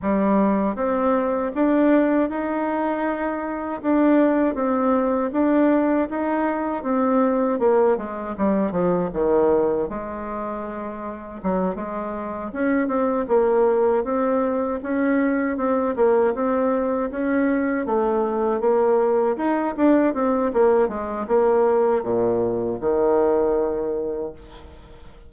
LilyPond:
\new Staff \with { instrumentName = "bassoon" } { \time 4/4 \tempo 4 = 79 g4 c'4 d'4 dis'4~ | dis'4 d'4 c'4 d'4 | dis'4 c'4 ais8 gis8 g8 f8 | dis4 gis2 fis8 gis8~ |
gis8 cis'8 c'8 ais4 c'4 cis'8~ | cis'8 c'8 ais8 c'4 cis'4 a8~ | a8 ais4 dis'8 d'8 c'8 ais8 gis8 | ais4 ais,4 dis2 | }